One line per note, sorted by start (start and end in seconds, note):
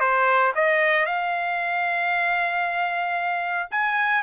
0.00 0.53 C5
0.55 1.06 D#5
1.06 3.69 F5
3.71 4.23 G#5